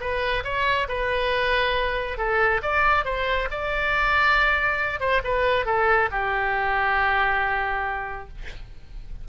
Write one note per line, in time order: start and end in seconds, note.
0.00 0.43 B4
0.44 0.87 C#5
0.88 2.17 B4
2.17 2.61 A4
2.62 3.05 D5
3.05 3.48 C5
3.51 5.00 D5
5.00 5.21 C5
5.24 5.66 B4
5.66 6.09 A4
6.11 8.28 G4